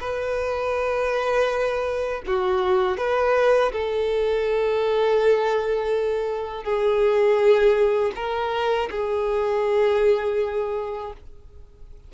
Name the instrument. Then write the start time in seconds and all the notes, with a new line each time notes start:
violin
0.00 B4
2.27 F#4
2.98 B4
3.72 A4
6.64 G#4
8.15 A#4
8.91 G#4